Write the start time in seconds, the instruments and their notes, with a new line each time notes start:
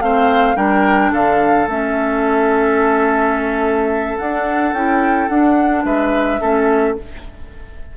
0.00 bassoon A3, clarinet C4, oboe C5, flute F5
0.56 bassoon G3, clarinet D4, oboe A#4, flute G5
1.12 bassoon D3, oboe A4, flute F5
1.67 bassoon A3, clarinet C#4, flute E5
4.19 clarinet D4, bassoon D4, flute F#5
4.73 bassoon C#4, clarinet E4, flute G5
5.29 clarinet D4, bassoon D4, flute F#5
5.85 bassoon G#3, oboe B4, flute E5
6.40 bassoon A3, clarinet C#4, oboe A4